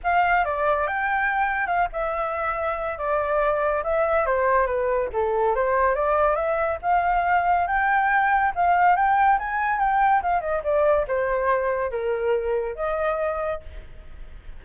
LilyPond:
\new Staff \with { instrumentName = "flute" } { \time 4/4 \tempo 4 = 141 f''4 d''4 g''2 | f''8 e''2~ e''8 d''4~ | d''4 e''4 c''4 b'4 | a'4 c''4 d''4 e''4 |
f''2 g''2 | f''4 g''4 gis''4 g''4 | f''8 dis''8 d''4 c''2 | ais'2 dis''2 | }